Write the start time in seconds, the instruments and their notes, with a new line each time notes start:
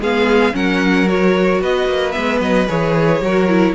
0.00 cello G#3, viola B3, violin G#4 F5
0.53 cello F#3, viola C#4, violin A#4 F#5
1.07 viola F#4, violin C#5
1.61 cello B3, violin B4 D#5
1.88 cello A#3
2.12 cello G#3, viola B3, violin E5
2.41 cello F#3, violin D#5
2.69 cello E3, viola G#4, violin C#5
3.21 cello F#3, viola F#4, violin A#4
3.49 viola E4